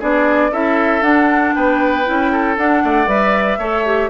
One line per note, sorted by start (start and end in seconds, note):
0.00 0.52 B3
0.00 0.51 D4
0.00 0.51 G#4
0.00 0.53 D5
0.52 1.02 C#4
0.52 1.02 E4
0.52 1.55 A4
0.52 1.03 E5
1.02 1.53 D4
1.02 2.04 D4
1.02 1.54 F#5
1.55 2.07 B3
1.55 2.32 B4
1.55 2.57 G5
2.05 2.57 C#4
2.05 2.56 E4
2.32 2.83 A4
2.57 2.83 D4
2.57 3.07 D4
2.57 3.08 F#5
2.84 3.07 A3
2.84 3.59 D5
3.07 3.58 G3
3.07 3.58 B4
3.07 4.10 E5
3.58 4.10 A3
3.58 3.86 A4
3.58 4.10 C#5
3.86 4.10 G4